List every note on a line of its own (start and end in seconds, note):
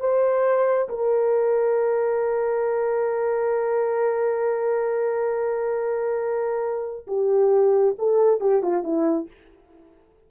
0.00 0.88 C5
0.89 7.06 A#4
7.07 7.95 G4
7.98 8.40 A4
8.40 8.62 G4
8.62 8.83 F4
8.83 9.27 E4